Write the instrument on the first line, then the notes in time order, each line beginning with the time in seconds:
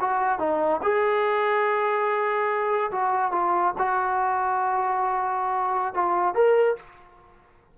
trombone
0.00 F#4
0.39 D#4
0.82 G#4
2.91 F#4
3.32 F4
3.78 F#4
5.94 F4
6.34 A#4